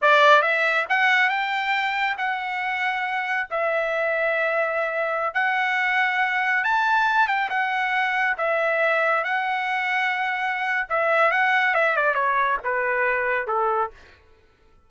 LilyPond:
\new Staff \with { instrumentName = "trumpet" } { \time 4/4 \tempo 4 = 138 d''4 e''4 fis''4 g''4~ | g''4 fis''2. | e''1~ | e''16 fis''2. a''8.~ |
a''8. g''8 fis''2 e''8.~ | e''4~ e''16 fis''2~ fis''8.~ | fis''4 e''4 fis''4 e''8 d''8 | cis''4 b'2 a'4 | }